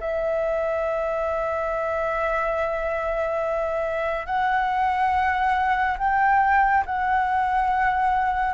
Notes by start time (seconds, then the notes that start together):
0.00 E5
4.26 F#5
5.98 G5
6.86 F#5